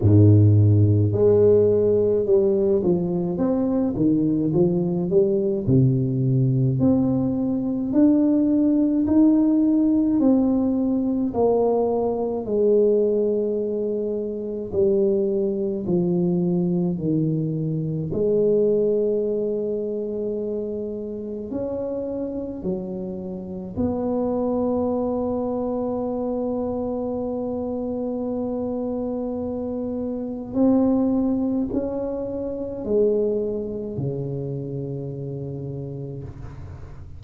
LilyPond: \new Staff \with { instrumentName = "tuba" } { \time 4/4 \tempo 4 = 53 gis,4 gis4 g8 f8 c'8 dis8 | f8 g8 c4 c'4 d'4 | dis'4 c'4 ais4 gis4~ | gis4 g4 f4 dis4 |
gis2. cis'4 | fis4 b2.~ | b2. c'4 | cis'4 gis4 cis2 | }